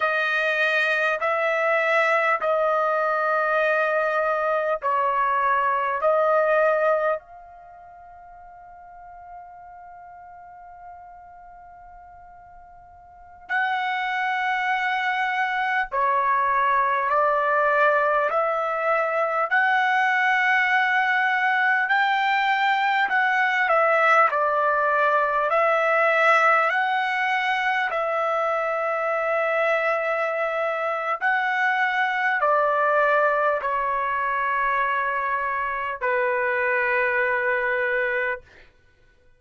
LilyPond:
\new Staff \with { instrumentName = "trumpet" } { \time 4/4 \tempo 4 = 50 dis''4 e''4 dis''2 | cis''4 dis''4 f''2~ | f''2.~ f''16 fis''8.~ | fis''4~ fis''16 cis''4 d''4 e''8.~ |
e''16 fis''2 g''4 fis''8 e''16~ | e''16 d''4 e''4 fis''4 e''8.~ | e''2 fis''4 d''4 | cis''2 b'2 | }